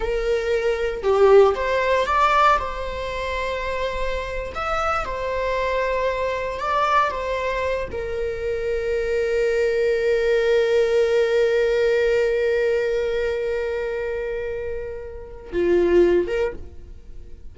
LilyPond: \new Staff \with { instrumentName = "viola" } { \time 4/4 \tempo 4 = 116 ais'2 g'4 c''4 | d''4 c''2.~ | c''8. e''4 c''2~ c''16~ | c''8. d''4 c''4. ais'8.~ |
ais'1~ | ais'1~ | ais'1~ | ais'2 f'4. ais'8 | }